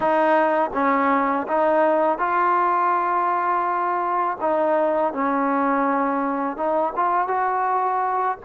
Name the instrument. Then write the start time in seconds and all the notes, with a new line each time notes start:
trombone
0.00 D#4
0.73 C#4
1.47 D#4
2.18 F4
4.40 D#4
5.13 C#4
6.57 D#4
6.96 F4
7.27 F#4